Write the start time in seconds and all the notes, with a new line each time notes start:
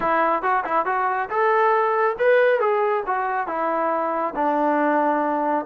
0.00 E4
0.42 F#4
0.65 E4
0.85 F#4
1.29 A4
2.18 B4
2.59 G#4
3.06 F#4
3.47 E4
4.35 D4